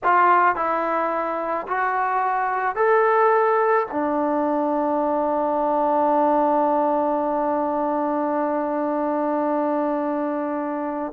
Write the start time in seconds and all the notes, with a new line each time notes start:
0.03 F4
0.55 E4
1.67 F#4
2.75 A4
3.91 D4